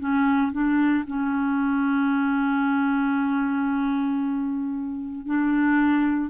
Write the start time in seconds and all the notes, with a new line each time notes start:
0.00 C#4
0.52 D4
1.07 C#4
5.26 D4